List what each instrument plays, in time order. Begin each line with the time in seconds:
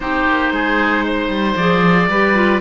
0.00 cello C4, clarinet D#4, oboe G4 C5
0.27 cello A#3
0.51 cello G#3, oboe G#4
1.05 oboe C5
1.28 cello G3
1.56 cello F3, clarinet G#4, oboe D5
2.08 cello G3, clarinet G4, oboe B4
2.34 clarinet F4